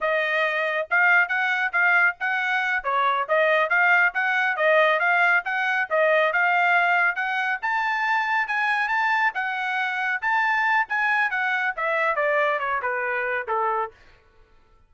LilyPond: \new Staff \with { instrumentName = "trumpet" } { \time 4/4 \tempo 4 = 138 dis''2 f''4 fis''4 | f''4 fis''4. cis''4 dis''8~ | dis''8 f''4 fis''4 dis''4 f''8~ | f''8 fis''4 dis''4 f''4.~ |
f''8 fis''4 a''2 gis''8~ | gis''8 a''4 fis''2 a''8~ | a''4 gis''4 fis''4 e''4 | d''4 cis''8 b'4. a'4 | }